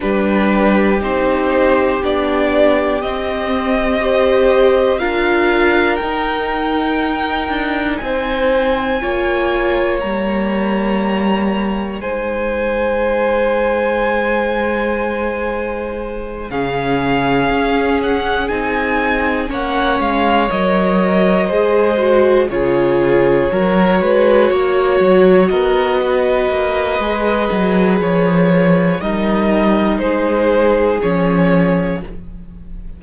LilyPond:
<<
  \new Staff \with { instrumentName = "violin" } { \time 4/4 \tempo 4 = 60 b'4 c''4 d''4 dis''4~ | dis''4 f''4 g''2 | gis''2 ais''2 | gis''1~ |
gis''8 f''4. fis''8 gis''4 fis''8 | f''8 dis''2 cis''4.~ | cis''4. dis''2~ dis''8 | cis''4 dis''4 c''4 cis''4 | }
  \new Staff \with { instrumentName = "violin" } { \time 4/4 g'1 | c''4 ais'2. | c''4 cis''2. | c''1~ |
c''8 gis'2. cis''8~ | cis''4. c''4 gis'4 ais'8 | b'8 cis''4 ais'8 b'2~ | b'4 ais'4 gis'2 | }
  \new Staff \with { instrumentName = "viola" } { \time 4/4 d'4 dis'4 d'4 c'4 | g'4 f'4 dis'2~ | dis'4 f'4 ais2 | dis'1~ |
dis'8 cis'2 dis'4 cis'8~ | cis'8 ais'4 gis'8 fis'8 f'4 fis'8~ | fis'2. gis'4~ | gis'4 dis'2 cis'4 | }
  \new Staff \with { instrumentName = "cello" } { \time 4/4 g4 c'4 b4 c'4~ | c'4 d'4 dis'4. d'8 | c'4 ais4 g2 | gis1~ |
gis8 cis4 cis'4 c'4 ais8 | gis8 fis4 gis4 cis4 fis8 | gis8 ais8 fis8 b4 ais8 gis8 fis8 | f4 g4 gis4 f4 | }
>>